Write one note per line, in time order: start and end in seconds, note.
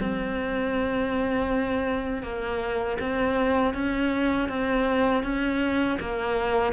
0.00 2.23 C4
2.23 2.98 A#3
3.00 3.74 C4
3.74 4.49 C#4
4.49 5.24 C4
5.24 5.99 C#4
6.00 6.73 A#3